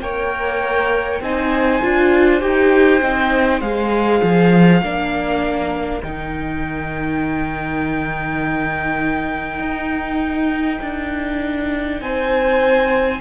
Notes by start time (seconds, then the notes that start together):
0.00 A#3 A#4 C#5 G5
1.20 C4 D#4 C5 G#5
1.82 D4 F4
2.40 D#4 G4 G5
3.01 C4 D#4
3.61 G#3 G#4 F5
4.22 F3
4.81 A#3 D4 A#4
6.02 D#3 D#4 G5
9.59 D#4
10.81 D4
12.01 C4 C5 G#5